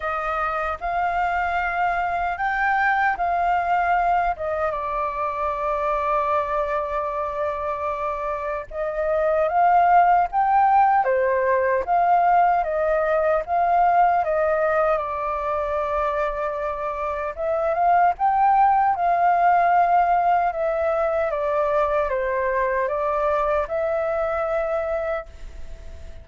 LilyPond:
\new Staff \with { instrumentName = "flute" } { \time 4/4 \tempo 4 = 76 dis''4 f''2 g''4 | f''4. dis''8 d''2~ | d''2. dis''4 | f''4 g''4 c''4 f''4 |
dis''4 f''4 dis''4 d''4~ | d''2 e''8 f''8 g''4 | f''2 e''4 d''4 | c''4 d''4 e''2 | }